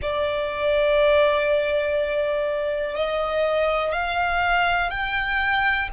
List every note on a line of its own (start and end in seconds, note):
0.01 2.95 D5
2.95 3.92 D#5
3.92 4.90 F5
4.90 5.88 G5